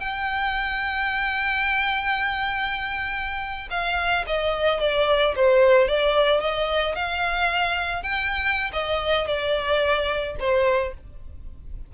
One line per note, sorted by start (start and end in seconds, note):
0.00 3.68 G5
3.70 4.25 F5
4.26 4.80 D#5
4.80 5.35 D5
5.35 5.88 C5
5.88 6.40 D5
6.40 6.95 D#5
6.95 8.03 F5
8.03 8.71 G5
8.72 9.27 D#5
9.27 10.36 D5
10.39 10.94 C5